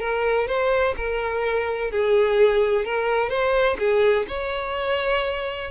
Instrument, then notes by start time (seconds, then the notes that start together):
violin
0.00 A#4
0.48 C5
0.97 A#4
1.91 G#4
2.85 A#4
3.30 C5
3.79 G#4
4.28 C#5